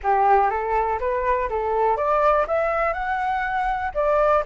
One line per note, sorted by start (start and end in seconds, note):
0.03 0.50 G4
0.50 0.99 A4
1.00 1.49 B4
1.49 1.96 A4
1.96 2.46 D5
2.47 2.93 E5
2.93 3.91 F#5
3.94 4.43 D5